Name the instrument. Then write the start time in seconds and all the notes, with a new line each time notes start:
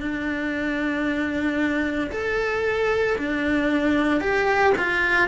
cello
0.00 D4
2.11 A4
3.18 D4
4.21 G4
4.78 F4